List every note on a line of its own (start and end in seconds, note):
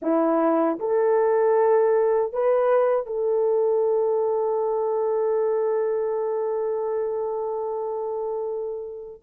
0.01 0.78 E4
0.79 2.33 A4
2.33 3.06 B4
3.06 9.21 A4